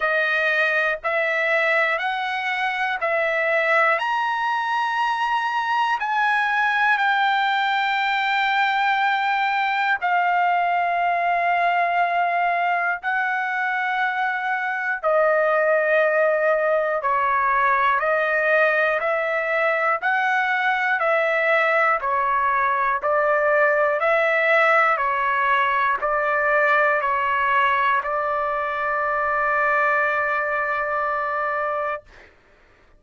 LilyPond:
\new Staff \with { instrumentName = "trumpet" } { \time 4/4 \tempo 4 = 60 dis''4 e''4 fis''4 e''4 | ais''2 gis''4 g''4~ | g''2 f''2~ | f''4 fis''2 dis''4~ |
dis''4 cis''4 dis''4 e''4 | fis''4 e''4 cis''4 d''4 | e''4 cis''4 d''4 cis''4 | d''1 | }